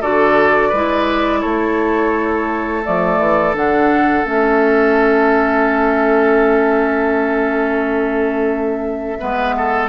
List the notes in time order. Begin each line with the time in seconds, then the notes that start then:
0.00 D3 F#4 A4 D5
0.68 G#3 B4
0.75 E4
1.41 A3 A4 C#5
2.84 F3 A3 D5
3.18 E3
3.54 D3 D4 F#5
4.23 A3 C#4 E5
9.18 G#3 B3 B4
9.57 A4